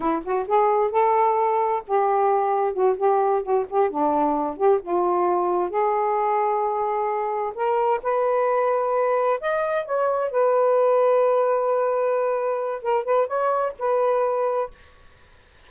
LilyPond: \new Staff \with { instrumentName = "saxophone" } { \time 4/4 \tempo 4 = 131 e'8 fis'8 gis'4 a'2 | g'2 fis'8 g'4 fis'8 | g'8 d'4. g'8 f'4.~ | f'8 gis'2.~ gis'8~ |
gis'8 ais'4 b'2~ b'8~ | b'8 dis''4 cis''4 b'4.~ | b'1 | ais'8 b'8 cis''4 b'2 | }